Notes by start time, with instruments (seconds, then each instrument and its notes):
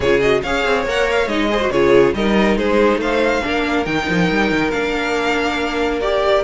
0.00 cello C#3, viola F4, violin G#4 C#5
0.20 viola F#4, violin D#5
0.42 cello C#4, viola G#4, violin C#5 F5
0.65 cello C4
0.85 cello A#3, viola A#4, violin F#5
1.11 violin F5
1.26 cello G#3, viola D#4, violin D#5
1.49 viola G#4, violin C5
1.61 viola F#4
1.71 cello C#3, viola F4, violin G#4 C#5
2.14 cello G3, viola D#4, violin A#4 D#5
2.56 cello G#3, violin G#4 C5
2.97 cello A3, violin C5 F5
3.42 cello A#3, viola D4, violin A#4
3.85 cello D#3, viola D#4, violin G5
4.09 cello F3
4.30 cello G3
4.51 cello D#3
4.71 cello A#3, viola D4, violin F5
6.00 viola G4, violin D5